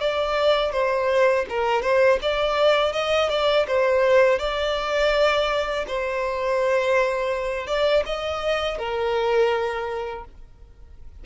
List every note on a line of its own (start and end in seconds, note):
0.00 0.72 D5
0.72 1.45 C5
1.49 1.82 A#4
1.82 2.19 C5
2.22 2.93 D5
2.93 3.29 D#5
3.30 3.66 D5
3.67 4.39 C5
4.39 5.85 D5
5.87 7.67 C5
7.67 8.04 D5
8.06 8.78 D#5
8.78 10.25 A#4